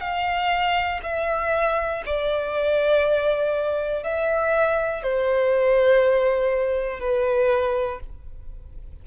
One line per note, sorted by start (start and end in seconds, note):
0.00 1.00 F5
1.03 2.03 E5
2.05 4.03 D5
4.03 5.03 E5
5.03 7.00 C5
7.00 8.00 B4